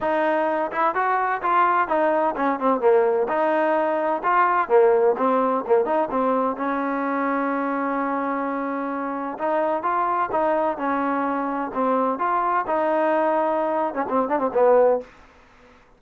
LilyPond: \new Staff \with { instrumentName = "trombone" } { \time 4/4 \tempo 4 = 128 dis'4. e'8 fis'4 f'4 | dis'4 cis'8 c'8 ais4 dis'4~ | dis'4 f'4 ais4 c'4 | ais8 dis'8 c'4 cis'2~ |
cis'1 | dis'4 f'4 dis'4 cis'4~ | cis'4 c'4 f'4 dis'4~ | dis'4.~ dis'16 cis'16 c'8 d'16 c'16 b4 | }